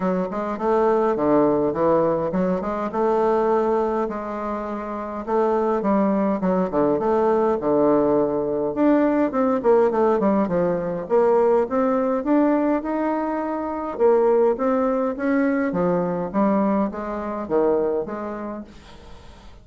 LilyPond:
\new Staff \with { instrumentName = "bassoon" } { \time 4/4 \tempo 4 = 103 fis8 gis8 a4 d4 e4 | fis8 gis8 a2 gis4~ | gis4 a4 g4 fis8 d8 | a4 d2 d'4 |
c'8 ais8 a8 g8 f4 ais4 | c'4 d'4 dis'2 | ais4 c'4 cis'4 f4 | g4 gis4 dis4 gis4 | }